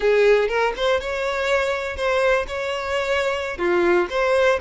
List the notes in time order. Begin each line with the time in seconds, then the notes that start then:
0.00 G#4
0.48 A#4
0.76 C5
1.00 C#5
1.96 C5
2.47 C#5
3.58 F4
4.10 C5